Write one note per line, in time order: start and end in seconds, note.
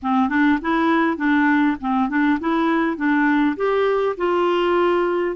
0.02 0.29 C4
0.29 0.59 D4
0.61 1.17 E4
1.17 1.76 D4
1.80 2.09 C4
2.09 2.38 D4
2.40 2.96 E4
2.96 3.56 D4
3.56 4.16 G4
4.17 5.36 F4